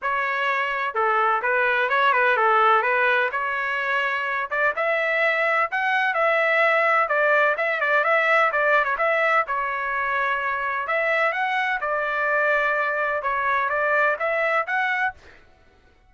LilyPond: \new Staff \with { instrumentName = "trumpet" } { \time 4/4 \tempo 4 = 127 cis''2 a'4 b'4 | cis''8 b'8 a'4 b'4 cis''4~ | cis''4. d''8 e''2 | fis''4 e''2 d''4 |
e''8 d''8 e''4 d''8. cis''16 e''4 | cis''2. e''4 | fis''4 d''2. | cis''4 d''4 e''4 fis''4 | }